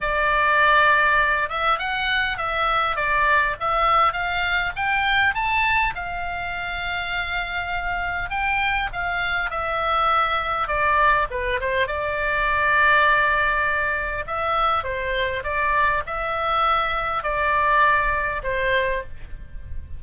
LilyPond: \new Staff \with { instrumentName = "oboe" } { \time 4/4 \tempo 4 = 101 d''2~ d''8 e''8 fis''4 | e''4 d''4 e''4 f''4 | g''4 a''4 f''2~ | f''2 g''4 f''4 |
e''2 d''4 b'8 c''8 | d''1 | e''4 c''4 d''4 e''4~ | e''4 d''2 c''4 | }